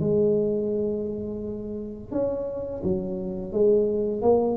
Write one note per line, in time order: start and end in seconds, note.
0.00 2.11 G#3
2.11 2.82 C#4
2.84 3.52 F#3
3.52 4.22 G#3
4.22 4.57 A#3